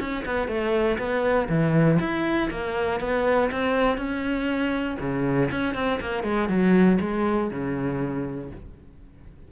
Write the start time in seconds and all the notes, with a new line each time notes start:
0.00 C#4
0.26 B3
0.48 A3
0.98 B3
1.49 E3
2.00 E4
2.51 A#3
3.00 B3
3.52 C4
3.98 C#4
5.01 C#3
5.52 C#4
5.75 C4
6.01 A#3
6.24 G#3
6.49 F#3
7.01 G#3
7.51 C#3